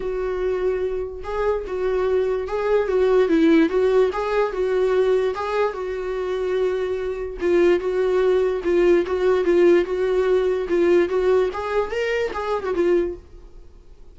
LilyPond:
\new Staff \with { instrumentName = "viola" } { \time 4/4 \tempo 4 = 146 fis'2. gis'4 | fis'2 gis'4 fis'4 | e'4 fis'4 gis'4 fis'4~ | fis'4 gis'4 fis'2~ |
fis'2 f'4 fis'4~ | fis'4 f'4 fis'4 f'4 | fis'2 f'4 fis'4 | gis'4 ais'4 gis'8. fis'16 f'4 | }